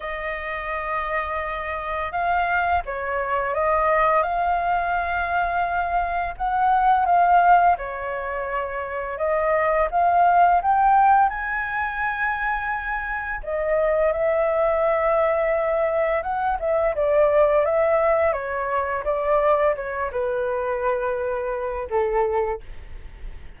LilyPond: \new Staff \with { instrumentName = "flute" } { \time 4/4 \tempo 4 = 85 dis''2. f''4 | cis''4 dis''4 f''2~ | f''4 fis''4 f''4 cis''4~ | cis''4 dis''4 f''4 g''4 |
gis''2. dis''4 | e''2. fis''8 e''8 | d''4 e''4 cis''4 d''4 | cis''8 b'2~ b'8 a'4 | }